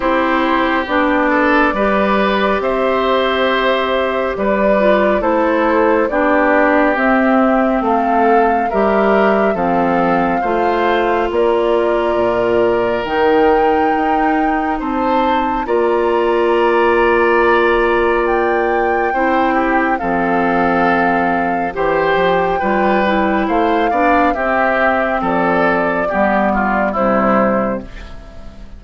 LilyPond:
<<
  \new Staff \with { instrumentName = "flute" } { \time 4/4 \tempo 4 = 69 c''4 d''2 e''4~ | e''4 d''4 c''4 d''4 | e''4 f''4 e''4 f''4~ | f''4 d''2 g''4~ |
g''4 a''4 ais''2~ | ais''4 g''2 f''4~ | f''4 g''2 f''4 | e''4 d''2 c''4 | }
  \new Staff \with { instrumentName = "oboe" } { \time 4/4 g'4. a'8 b'4 c''4~ | c''4 b'4 a'4 g'4~ | g'4 a'4 ais'4 a'4 | c''4 ais'2.~ |
ais'4 c''4 d''2~ | d''2 c''8 g'8 a'4~ | a'4 c''4 b'4 c''8 d''8 | g'4 a'4 g'8 f'8 e'4 | }
  \new Staff \with { instrumentName = "clarinet" } { \time 4/4 e'4 d'4 g'2~ | g'4. f'8 e'4 d'4 | c'2 g'4 c'4 | f'2. dis'4~ |
dis'2 f'2~ | f'2 e'4 c'4~ | c'4 g'4 f'8 e'4 d'8 | c'2 b4 g4 | }
  \new Staff \with { instrumentName = "bassoon" } { \time 4/4 c'4 b4 g4 c'4~ | c'4 g4 a4 b4 | c'4 a4 g4 f4 | a4 ais4 ais,4 dis4 |
dis'4 c'4 ais2~ | ais2 c'4 f4~ | f4 e8 f8 g4 a8 b8 | c'4 f4 g4 c4 | }
>>